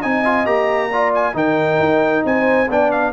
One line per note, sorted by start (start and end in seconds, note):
0.00 0.46 C4
0.00 0.25 D#4
0.00 0.89 D#5
0.00 0.46 G#5
0.25 0.46 F4
0.46 1.34 A#3
0.46 0.90 G4
0.46 1.13 A#5
0.90 1.34 F4
0.90 1.35 D5
1.15 1.37 G#5
1.34 1.78 D#3
1.34 2.67 D#4
1.34 2.25 A#4
1.34 2.26 G5
1.80 2.24 D#4
2.25 2.69 C4
2.25 2.70 C5
2.25 2.71 G#5
2.70 3.14 B3
2.70 3.14 D4
2.70 3.14 D5
2.70 2.92 G5
2.92 3.14 F5